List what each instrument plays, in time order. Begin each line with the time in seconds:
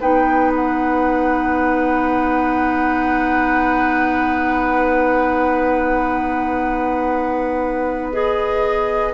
0.00 bassoon B3, clarinet D#4, oboe B4, flute G5
0.55 flute F#5
8.12 clarinet G#4, flute D#5